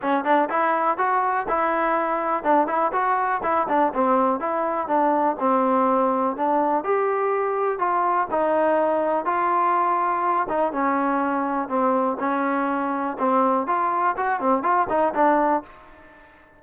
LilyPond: \new Staff \with { instrumentName = "trombone" } { \time 4/4 \tempo 4 = 123 cis'8 d'8 e'4 fis'4 e'4~ | e'4 d'8 e'8 fis'4 e'8 d'8 | c'4 e'4 d'4 c'4~ | c'4 d'4 g'2 |
f'4 dis'2 f'4~ | f'4. dis'8 cis'2 | c'4 cis'2 c'4 | f'4 fis'8 c'8 f'8 dis'8 d'4 | }